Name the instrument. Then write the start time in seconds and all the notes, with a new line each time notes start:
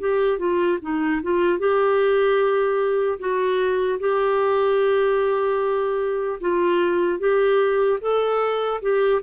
clarinet
0.00 G4
0.38 F4
0.81 D#4
1.23 F4
1.59 G4
3.19 F#4
4.00 G4
6.40 F4
7.19 G4
8.01 A4
8.82 G4